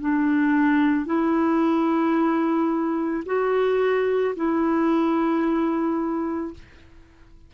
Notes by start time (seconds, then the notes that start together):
0.00 D4
1.06 E4
3.26 F#4
4.36 E4